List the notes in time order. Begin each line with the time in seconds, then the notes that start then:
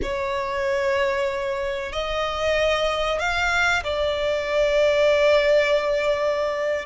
0.02 C#5
1.92 D#5
3.19 F5
3.83 D5